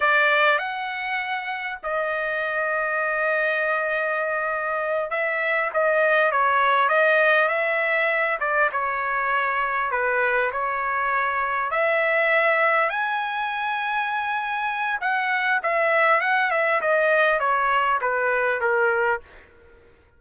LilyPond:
\new Staff \with { instrumentName = "trumpet" } { \time 4/4 \tempo 4 = 100 d''4 fis''2 dis''4~ | dis''1~ | dis''8 e''4 dis''4 cis''4 dis''8~ | dis''8 e''4. d''8 cis''4.~ |
cis''8 b'4 cis''2 e''8~ | e''4. gis''2~ gis''8~ | gis''4 fis''4 e''4 fis''8 e''8 | dis''4 cis''4 b'4 ais'4 | }